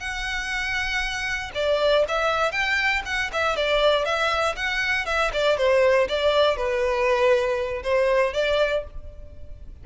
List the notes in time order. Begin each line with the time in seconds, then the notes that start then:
0.00 F#5
1.55 D5
2.08 E5
2.52 G5
3.05 F#5
3.33 E5
3.56 D5
4.05 E5
4.56 F#5
5.06 E5
5.33 D5
5.58 C5
6.09 D5
6.57 B4
7.83 C5
8.34 D5